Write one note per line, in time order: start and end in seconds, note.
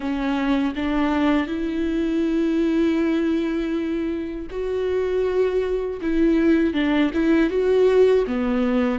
0.00 0.73 C#4
0.75 1.47 D4
1.47 4.47 E4
4.50 6.00 F#4
6.01 6.73 E4
6.73 7.11 D4
7.13 7.50 E4
7.50 8.25 F#4
8.27 8.99 B3